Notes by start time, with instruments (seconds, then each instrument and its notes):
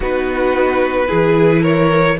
0.00 cello B3, viola D#4, violin F#4 B4
1.07 cello E3, viola E4, violin G#4
1.61 violin A#4 C#5